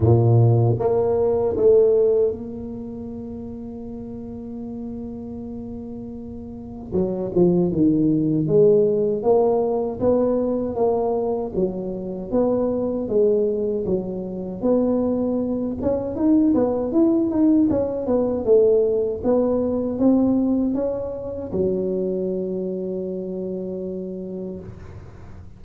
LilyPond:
\new Staff \with { instrumentName = "tuba" } { \time 4/4 \tempo 4 = 78 ais,4 ais4 a4 ais4~ | ais1~ | ais4 fis8 f8 dis4 gis4 | ais4 b4 ais4 fis4 |
b4 gis4 fis4 b4~ | b8 cis'8 dis'8 b8 e'8 dis'8 cis'8 b8 | a4 b4 c'4 cis'4 | fis1 | }